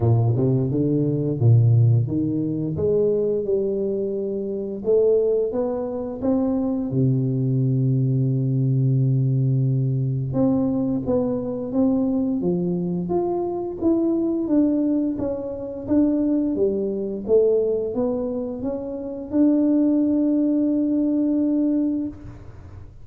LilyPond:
\new Staff \with { instrumentName = "tuba" } { \time 4/4 \tempo 4 = 87 ais,8 c8 d4 ais,4 dis4 | gis4 g2 a4 | b4 c'4 c2~ | c2. c'4 |
b4 c'4 f4 f'4 | e'4 d'4 cis'4 d'4 | g4 a4 b4 cis'4 | d'1 | }